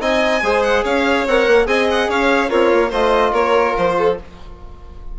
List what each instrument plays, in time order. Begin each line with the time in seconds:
0.00 bassoon C4, trombone D#4, violin D#5 G#5
0.43 bassoon G#3, trombone G#4, violin C5
0.63 violin F#5
0.84 bassoon C#4, violin C#5 F5
1.27 bassoon C4, trombone A#4, violin F#5
1.47 bassoon A#3
1.66 bassoon C4, trombone G#4, violin D#5 G#5
1.91 violin F#5
2.09 bassoon C#4, violin C#5 F5
2.49 bassoon C4, violin F4 C#5, trombone A#4
2.73 bassoon A#3
2.90 bassoon A3, trombone F4, violin C5 D#5
3.32 bassoon A#3, violin A#4 C#5
3.77 bassoon F3, violin C5
3.98 violin A4